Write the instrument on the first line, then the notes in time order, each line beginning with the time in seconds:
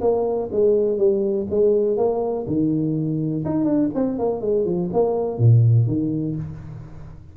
tuba
0.00 A#3
0.51 G#3
0.98 G3
1.50 G#3
1.97 A#3
2.46 D#3
3.44 D#4
3.64 D4
3.94 C4
4.18 A#3
4.41 G#3
4.65 F3
4.92 A#3
5.38 A#2
5.87 D#3